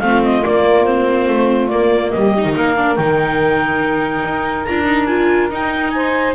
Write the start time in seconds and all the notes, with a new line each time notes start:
0.00 A3 C4 F4 F5
0.23 D#5
0.42 A#3 D5
0.85 C4 C5
1.28 A3
1.68 A#3 D5
2.10 G3 G4 D#5
2.37 D#4
2.44 D#3
2.55 A#3 A#4 F5
2.76 D4
2.95 D#3 D#4 G5
4.23 D#4
4.64 D4 F4 A#5
4.85 D#4
5.06 F4 G#5
5.50 D#4 G5
5.90 C5 G#5